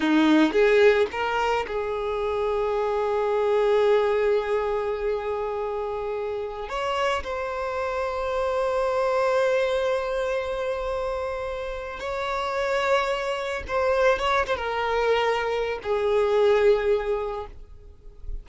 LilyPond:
\new Staff \with { instrumentName = "violin" } { \time 4/4 \tempo 4 = 110 dis'4 gis'4 ais'4 gis'4~ | gis'1~ | gis'1~ | gis'16 cis''4 c''2~ c''8.~ |
c''1~ | c''2 cis''2~ | cis''4 c''4 cis''8 c''16 ais'4~ ais'16~ | ais'4 gis'2. | }